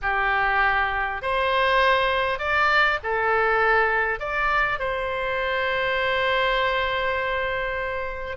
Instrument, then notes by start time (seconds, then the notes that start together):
oboe
0.01 G4
1.22 C5
2.38 D5
3.03 A4
4.19 D5
4.79 C5